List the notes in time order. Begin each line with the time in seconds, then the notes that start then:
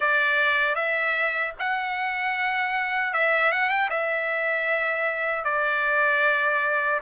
0.00 D5
0.75 E5
1.59 F#5
3.13 E5
3.52 F#5
3.69 G5
3.90 E5
5.44 D5